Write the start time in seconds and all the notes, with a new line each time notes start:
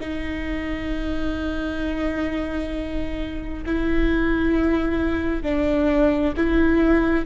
0.00 D#4
3.65 E4
5.42 D4
6.36 E4